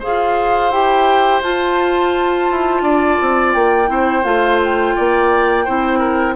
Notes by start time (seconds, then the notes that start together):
0.00 G#4 C5 F5
0.07 F4
0.71 E4 G4 G5
1.43 F4 A5
2.51 E4
2.82 D4 D5
3.21 C4
3.54 A#3 G5
3.87 C4 E4 C5
4.24 A3 F4 F5
4.64 G5
4.96 A#3 D5
5.65 C4 E4 C5
5.99 A#4